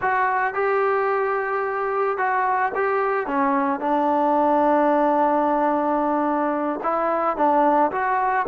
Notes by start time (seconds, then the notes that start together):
0.01 F#4
0.54 G4
2.17 F#4
2.74 G4
3.27 C#4
3.80 D4
6.83 E4
7.36 D4
7.91 F#4